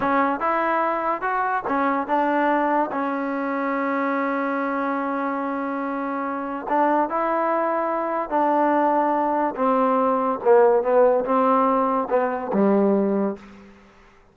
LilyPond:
\new Staff \with { instrumentName = "trombone" } { \time 4/4 \tempo 4 = 144 cis'4 e'2 fis'4 | cis'4 d'2 cis'4~ | cis'1~ | cis'1 |
d'4 e'2. | d'2. c'4~ | c'4 ais4 b4 c'4~ | c'4 b4 g2 | }